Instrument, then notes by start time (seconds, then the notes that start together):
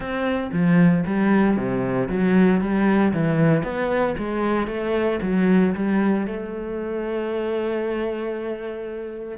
cello
0.00 C4
0.52 F3
1.06 G3
1.56 C3
2.09 F#3
2.60 G3
3.13 E3
3.63 B3
4.18 G#3
4.67 A3
5.22 F#3
5.75 G3
6.27 A3